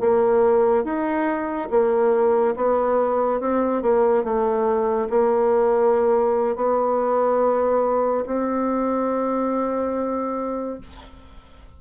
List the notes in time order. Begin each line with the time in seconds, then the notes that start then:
0.00 A#3
0.84 D#4
1.70 A#3
2.55 B3
3.40 C4
3.82 A#3
4.23 A3
5.10 A#3
6.55 B3
8.26 C4